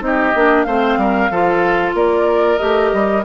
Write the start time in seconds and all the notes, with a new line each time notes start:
0.00 C4 D#4 G4 D#5
0.35 A#3 D4
0.63 A3 C4 C5 F5
0.97 G3 A#4
1.30 F3 F4 A4
1.94 A#3 A#4 D5
2.58 A3 G4 D#5
2.93 G3